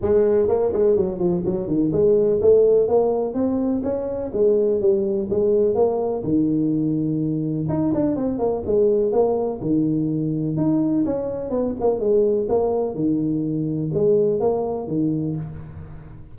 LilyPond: \new Staff \with { instrumentName = "tuba" } { \time 4/4 \tempo 4 = 125 gis4 ais8 gis8 fis8 f8 fis8 dis8 | gis4 a4 ais4 c'4 | cis'4 gis4 g4 gis4 | ais4 dis2. |
dis'8 d'8 c'8 ais8 gis4 ais4 | dis2 dis'4 cis'4 | b8 ais8 gis4 ais4 dis4~ | dis4 gis4 ais4 dis4 | }